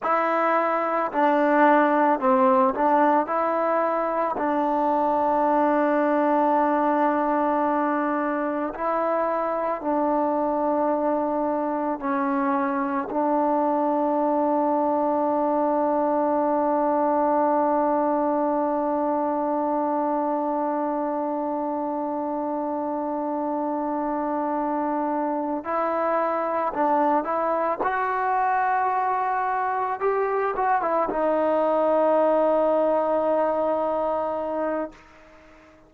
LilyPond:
\new Staff \with { instrumentName = "trombone" } { \time 4/4 \tempo 4 = 55 e'4 d'4 c'8 d'8 e'4 | d'1 | e'4 d'2 cis'4 | d'1~ |
d'1~ | d'2.~ d'8 e'8~ | e'8 d'8 e'8 fis'2 g'8 | fis'16 e'16 dis'2.~ dis'8 | }